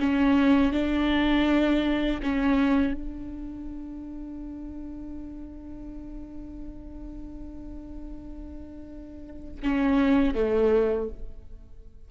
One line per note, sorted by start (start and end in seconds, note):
0.00 0.73 C#4
0.73 2.21 D4
2.23 2.94 C#4
2.94 9.61 D4
9.63 10.35 C#4
10.35 11.09 A3